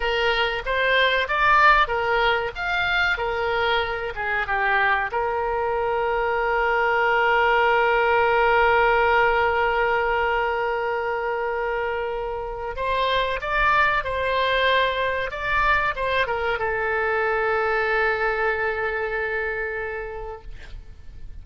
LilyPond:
\new Staff \with { instrumentName = "oboe" } { \time 4/4 \tempo 4 = 94 ais'4 c''4 d''4 ais'4 | f''4 ais'4. gis'8 g'4 | ais'1~ | ais'1~ |
ais'1 | c''4 d''4 c''2 | d''4 c''8 ais'8 a'2~ | a'1 | }